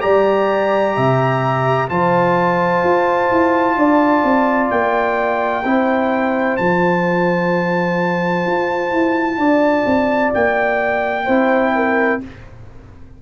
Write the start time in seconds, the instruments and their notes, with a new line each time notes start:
0.00 tuba G3, trombone G4, horn D5, trumpet A#5
0.96 tuba C3, horn E5
1.88 tuba F3, trombone F4, horn C5, trumpet A5
2.84 tuba F4
3.31 tuba E4
3.76 tuba D4, horn D5
4.24 tuba C4
4.70 tuba A#3, trumpet G5
5.64 tuba C4, trombone E4, horn C5
6.57 tuba F3, trombone F4, trumpet A5
8.46 tuba F4
8.91 tuba E4
9.38 tuba D4, horn D5
9.86 tuba C4
10.34 tuba A#3, trumpet G5
11.25 tuba C4, trombone E4, horn C5
11.75 horn A#4